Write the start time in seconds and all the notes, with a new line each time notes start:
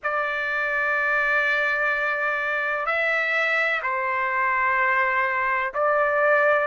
0.03 D5
2.86 E5
3.82 C5
5.74 D5